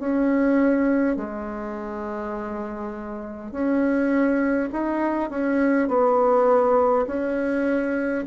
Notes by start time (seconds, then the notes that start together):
0.00 C#4
1.17 G#3
3.52 C#4
4.73 D#4
5.30 C#4
5.89 B3
7.07 C#4